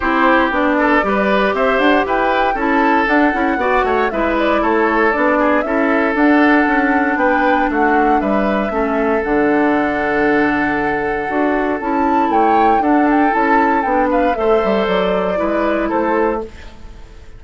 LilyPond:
<<
  \new Staff \with { instrumentName = "flute" } { \time 4/4 \tempo 4 = 117 c''4 d''2 e''8 fis''8 | g''4 a''4 fis''2 | e''8 d''8 cis''4 d''4 e''4 | fis''2 g''4 fis''4 |
e''2 fis''2~ | fis''2. a''4 | g''4 fis''8 g''8 a''4 g''8 f''8 | e''4 d''2 c''4 | }
  \new Staff \with { instrumentName = "oboe" } { \time 4/4 g'4. a'8 b'4 c''4 | b'4 a'2 d''8 cis''8 | b'4 a'4. gis'8 a'4~ | a'2 b'4 fis'4 |
b'4 a'2.~ | a'1 | cis''4 a'2~ a'8 b'8 | c''2 b'4 a'4 | }
  \new Staff \with { instrumentName = "clarinet" } { \time 4/4 e'4 d'4 g'2~ | g'4 e'4 d'8 e'8 fis'4 | e'2 d'4 e'4 | d'1~ |
d'4 cis'4 d'2~ | d'2 fis'4 e'4~ | e'4 d'4 e'4 d'4 | a'2 e'2 | }
  \new Staff \with { instrumentName = "bassoon" } { \time 4/4 c'4 b4 g4 c'8 d'8 | e'4 cis'4 d'8 cis'8 b8 a8 | gis4 a4 b4 cis'4 | d'4 cis'4 b4 a4 |
g4 a4 d2~ | d2 d'4 cis'4 | a4 d'4 cis'4 b4 | a8 g8 fis4 gis4 a4 | }
>>